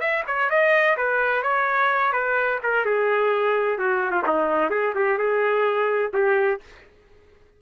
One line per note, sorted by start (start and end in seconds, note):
0.00 0.23 E5
0.27 0.50 C#5
0.50 0.97 D#5
0.97 1.43 B4
1.43 2.12 C#5
2.12 2.59 B4
2.63 2.86 A#4
2.86 3.78 G#4
3.78 4.11 F#4
4.11 4.23 F4
4.27 4.70 D#4
4.70 4.94 G#4
4.95 5.18 G4
5.18 6.12 G#4
6.14 6.61 G4